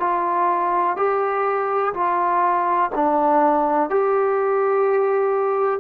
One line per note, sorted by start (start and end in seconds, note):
0.00 0.97 F4
0.97 1.94 G4
1.94 2.91 F4
2.96 3.90 D4
3.90 5.80 G4